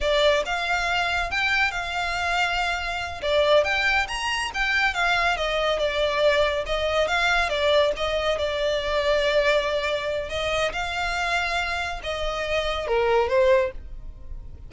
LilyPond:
\new Staff \with { instrumentName = "violin" } { \time 4/4 \tempo 4 = 140 d''4 f''2 g''4 | f''2.~ f''8 d''8~ | d''8 g''4 ais''4 g''4 f''8~ | f''8 dis''4 d''2 dis''8~ |
dis''8 f''4 d''4 dis''4 d''8~ | d''1 | dis''4 f''2. | dis''2 ais'4 c''4 | }